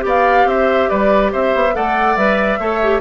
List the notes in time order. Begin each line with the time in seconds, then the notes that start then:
0.00 B3 G4 D5
0.08 F5
0.45 C4 C5 E5
0.89 G3 B4 D5
1.32 C4 C5 E5
1.55 B3
1.73 A3 A4 D5 F#5
2.17 G3 B4 E5
2.59 A3 A4 C#5
2.82 G4